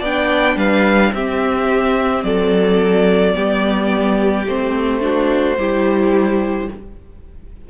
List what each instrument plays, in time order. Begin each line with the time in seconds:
0.00 cello B3, viola D4, violin D5 G5
0.56 cello G3, violin B4 F5
1.13 cello C4, viola C4, violin G4 E5
2.24 cello F#3, violin A4 D5
3.34 cello G3, viola B3, violin G4
4.47 cello A3, viola C4, violin C5
5.01 viola D4, violin F#4
5.58 cello G3, viola E4, violin G4